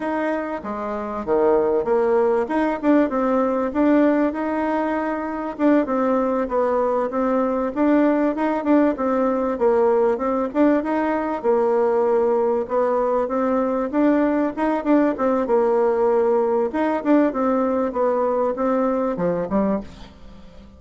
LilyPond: \new Staff \with { instrumentName = "bassoon" } { \time 4/4 \tempo 4 = 97 dis'4 gis4 dis4 ais4 | dis'8 d'8 c'4 d'4 dis'4~ | dis'4 d'8 c'4 b4 c'8~ | c'8 d'4 dis'8 d'8 c'4 ais8~ |
ais8 c'8 d'8 dis'4 ais4.~ | ais8 b4 c'4 d'4 dis'8 | d'8 c'8 ais2 dis'8 d'8 | c'4 b4 c'4 f8 g8 | }